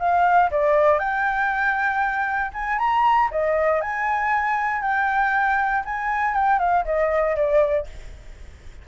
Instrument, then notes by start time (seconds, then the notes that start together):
flute
0.00 F5
0.52 D5
0.99 G5
2.54 G#5
2.79 A#5
3.31 D#5
3.82 G#5
4.82 G5
5.85 G#5
6.35 G5
6.60 F5
6.85 D#5
7.36 D5